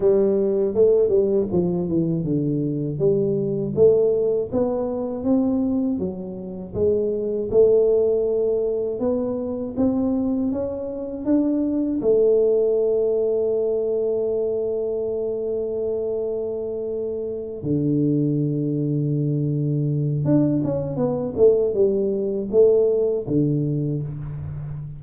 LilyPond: \new Staff \with { instrumentName = "tuba" } { \time 4/4 \tempo 4 = 80 g4 a8 g8 f8 e8 d4 | g4 a4 b4 c'4 | fis4 gis4 a2 | b4 c'4 cis'4 d'4 |
a1~ | a2.~ a8 d8~ | d2. d'8 cis'8 | b8 a8 g4 a4 d4 | }